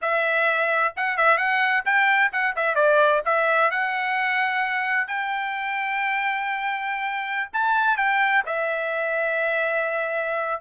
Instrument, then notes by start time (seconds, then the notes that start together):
trumpet
0.01 E5
0.96 F#5
1.17 E5
1.37 F#5
1.85 G5
2.32 F#5
2.56 E5
2.75 D5
3.25 E5
3.70 F#5
5.07 G5
7.53 A5
7.97 G5
8.46 E5